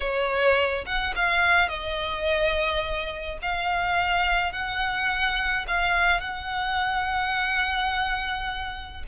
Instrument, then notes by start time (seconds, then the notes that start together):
violin
0.00 C#5
0.85 F#5
1.15 F5
1.68 D#5
3.42 F5
4.52 F#5
5.67 F5
6.20 F#5